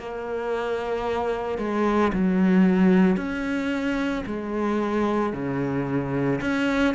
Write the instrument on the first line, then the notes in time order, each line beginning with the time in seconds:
cello
0.00 A#3
1.59 G#3
2.13 F#3
3.17 C#4
4.27 G#3
5.33 C#3
6.41 C#4